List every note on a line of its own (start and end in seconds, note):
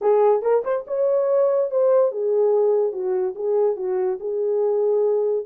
0.01 0.42 G#4
0.42 0.63 A#4
0.64 0.85 C5
0.87 1.70 C#5
1.70 2.11 C5
2.11 2.92 G#4
2.92 3.34 F#4
3.35 3.76 G#4
3.76 4.18 F#4
4.19 5.45 G#4